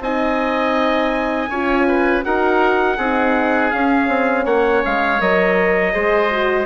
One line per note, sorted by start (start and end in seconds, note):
0.00 1.48 C4
0.00 1.51 D#4
0.00 1.50 D#5
0.00 2.24 G#5
1.49 2.23 C#4
1.49 2.23 F4
1.49 1.87 C#5
1.87 2.24 B4
2.23 2.97 D#4
2.23 2.98 F#4
2.23 2.97 A#4
2.23 3.71 F#5
2.97 3.71 C4
2.97 3.74 D#4
2.97 4.45 G#4
3.71 4.08 C#4
3.71 5.20 C#4
3.71 4.45 F5
4.08 4.45 C4
4.45 4.82 A#3
4.45 5.93 C#5
4.45 4.83 F#5
4.85 5.20 G#3
4.85 5.21 F5
5.20 5.94 F#3
5.20 5.92 A#4
5.20 6.66 D#5
5.92 6.66 G#3
5.92 6.29 G#4
5.92 6.66 C5
6.30 6.66 F#4